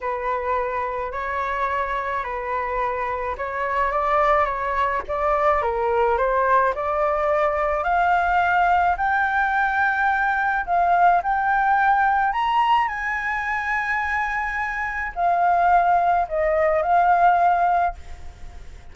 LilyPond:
\new Staff \with { instrumentName = "flute" } { \time 4/4 \tempo 4 = 107 b'2 cis''2 | b'2 cis''4 d''4 | cis''4 d''4 ais'4 c''4 | d''2 f''2 |
g''2. f''4 | g''2 ais''4 gis''4~ | gis''2. f''4~ | f''4 dis''4 f''2 | }